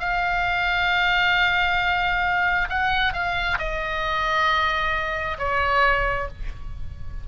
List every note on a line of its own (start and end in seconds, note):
0.00 2.69 F5
2.69 3.13 F#5
3.13 3.58 F5
3.59 5.38 D#5
5.39 6.28 C#5